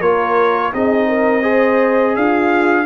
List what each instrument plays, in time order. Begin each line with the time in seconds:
0.00 tuba A#3, trombone F4, horn A#4, trumpet C#5
0.73 tuba C4, trombone D#4, horn G#4, trumpet D#5
1.08 horn A#4
1.42 trombone G#4, horn C5
2.15 tuba D4, horn F4, trumpet F5